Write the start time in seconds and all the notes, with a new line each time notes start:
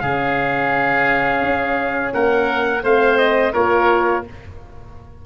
0.00 C#3 C#4 G#4 F5
1.42 C#4
2.14 A#3 A#4 F#5
2.83 A3 C4 C5 F5
3.18 D#5
3.53 A#3 F4 A#4 C#5